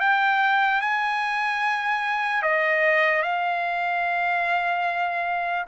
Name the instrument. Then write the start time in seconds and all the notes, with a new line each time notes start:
trumpet
0.00 G5
0.81 G#5
2.43 D#5
3.22 F5